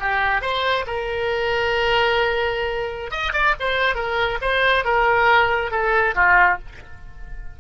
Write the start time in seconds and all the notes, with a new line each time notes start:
0.00 G4
0.41 C5
0.87 A#4
3.11 D#5
3.33 D5
3.60 C5
3.95 A#4
4.42 C5
4.84 A#4
5.71 A4
6.15 F4